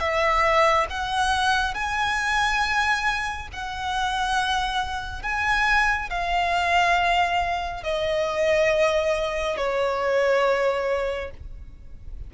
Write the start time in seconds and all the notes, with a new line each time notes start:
0.00 E5
0.91 F#5
1.75 G#5
3.53 F#5
5.23 G#5
6.10 F5
7.84 D#5
9.57 C#5